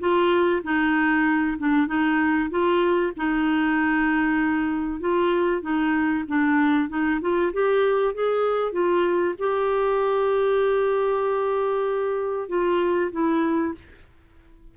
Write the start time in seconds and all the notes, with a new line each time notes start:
0.00 F4
0.64 D#4
1.59 D4
1.88 D#4
2.51 F4
3.17 D#4
5.01 F4
5.62 D#4
6.28 D4
6.89 D#4
7.22 F4
7.53 G4
8.14 G#4
8.73 F4
9.39 G4
12.49 F4
13.12 E4